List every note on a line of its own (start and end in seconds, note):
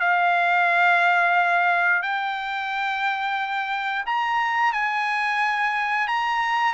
0.00 2.02 F5
2.03 4.05 G5
4.06 4.73 A#5
4.73 6.07 G#5
6.07 6.74 A#5